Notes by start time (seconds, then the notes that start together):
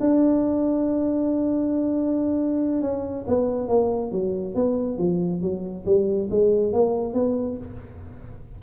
0.00 D4
2.81 C#4
3.27 B3
3.68 A#3
4.12 F#3
4.55 B3
4.98 F3
5.41 F#3
5.85 G3
6.30 G#3
6.73 A#3
7.14 B3